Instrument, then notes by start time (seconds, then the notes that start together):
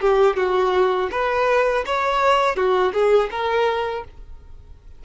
violin
0.00 G4
0.36 F#4
1.11 B4
1.86 C#5
2.55 F#4
2.93 G#4
3.31 A#4